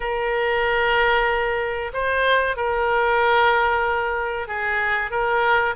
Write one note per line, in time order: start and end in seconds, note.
0.00 1.91 A#4
1.93 2.56 C5
2.56 4.47 A#4
4.47 5.10 G#4
5.10 5.74 A#4